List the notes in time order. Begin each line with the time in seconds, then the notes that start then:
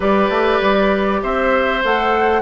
0.00 G3 G4 B4 D5
0.29 A3
0.61 G3
1.22 C4 C5 E5
1.84 A3 A4 F#5